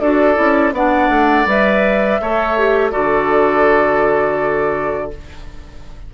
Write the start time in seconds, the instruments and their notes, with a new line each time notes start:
0.00 bassoon D4, clarinet F#4, oboe A4, flute D5
0.35 bassoon C#4, clarinet E4
0.72 bassoon B3, clarinet D4, oboe D5, flute F#5
1.09 bassoon A3
1.46 bassoon G3, clarinet B4, flute E5
2.21 bassoon A3, clarinet A4, oboe C#5
2.58 clarinet G4
2.91 bassoon D3, clarinet F#4, oboe A4, flute D5